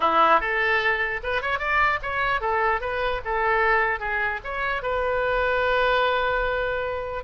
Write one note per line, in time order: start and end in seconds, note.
0.00 0.40 E4
0.40 1.20 A4
1.23 1.41 B4
1.41 1.58 C#5
1.58 1.99 D5
2.02 2.40 C#5
2.40 2.80 A4
2.80 3.21 B4
3.25 3.99 A4
3.99 4.40 G#4
4.43 4.82 C#5
4.82 7.24 B4